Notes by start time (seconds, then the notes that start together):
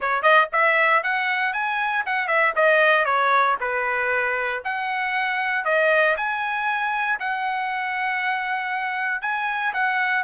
0.00 C#5
0.22 D#5
0.52 E5
1.03 F#5
1.53 G#5
2.05 F#5
2.27 E5
2.55 D#5
3.05 C#5
3.60 B4
4.64 F#5
5.64 D#5
6.16 G#5
7.19 F#5
9.21 G#5
9.73 F#5